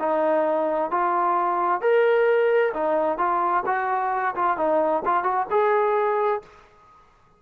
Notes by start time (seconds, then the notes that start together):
0.00 D#4
0.91 F4
1.82 A#4
2.74 D#4
3.18 F4
3.66 F#4
4.36 F4
4.58 D#4
5.05 F4
5.24 F#4
5.51 G#4